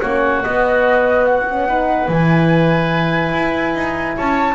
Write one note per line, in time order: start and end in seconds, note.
0.00 0.44 A#3
0.00 0.43 C#4
0.00 1.68 F#4
0.00 0.42 C#5
0.43 1.48 B3
0.43 2.08 B3
0.43 1.25 D#5
1.25 2.09 F#5
1.49 1.68 C#4
1.68 2.10 D#4
1.68 4.16 B4
2.08 3.33 E3
2.08 4.55 E4
2.08 4.17 G#5
3.34 3.75 E4
3.75 4.17 D#4
4.16 4.55 C#4
4.16 4.55 C#5
4.16 4.55 A5